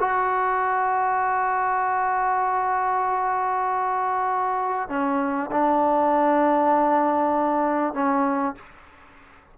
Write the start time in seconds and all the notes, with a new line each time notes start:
0.00 F#4
4.89 C#4
5.52 D4
7.94 C#4